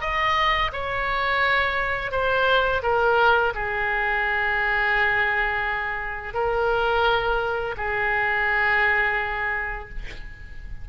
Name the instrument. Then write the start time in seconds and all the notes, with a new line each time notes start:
oboe
0.00 D#5
0.72 C#5
2.11 C5
2.82 A#4
3.54 G#4
6.33 A#4
7.77 G#4